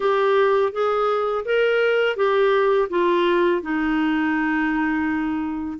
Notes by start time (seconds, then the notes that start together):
0.00 G4
0.72 G#4
1.45 A#4
2.16 G4
2.89 F4
3.61 D#4